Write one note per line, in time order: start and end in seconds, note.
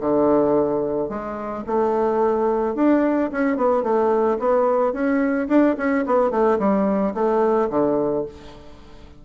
0.00 1.09 D3
1.09 1.64 G#3
1.67 2.75 A3
2.75 3.30 D4
3.32 3.57 C#4
3.57 3.83 B3
3.83 4.38 A3
4.39 4.93 B3
4.93 5.48 C#4
5.48 5.76 D4
5.77 6.05 C#4
6.06 6.31 B3
6.31 6.58 A3
6.59 7.14 G3
7.14 7.69 A3
7.70 8.25 D3